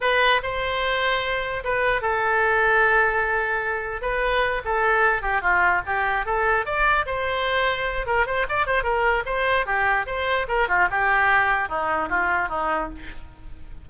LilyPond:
\new Staff \with { instrumentName = "oboe" } { \time 4/4 \tempo 4 = 149 b'4 c''2. | b'4 a'2.~ | a'2 b'4. a'8~ | a'4 g'8 f'4 g'4 a'8~ |
a'8 d''4 c''2~ c''8 | ais'8 c''8 d''8 c''8 ais'4 c''4 | g'4 c''4 ais'8 f'8 g'4~ | g'4 dis'4 f'4 dis'4 | }